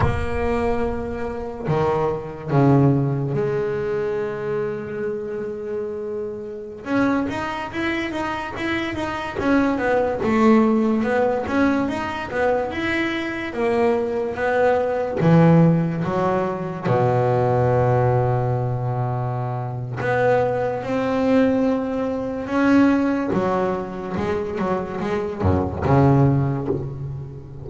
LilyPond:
\new Staff \with { instrumentName = "double bass" } { \time 4/4 \tempo 4 = 72 ais2 dis4 cis4 | gis1~ | gis16 cis'8 dis'8 e'8 dis'8 e'8 dis'8 cis'8 b16~ | b16 a4 b8 cis'8 dis'8 b8 e'8.~ |
e'16 ais4 b4 e4 fis8.~ | fis16 b,2.~ b,8. | b4 c'2 cis'4 | fis4 gis8 fis8 gis8 fis,8 cis4 | }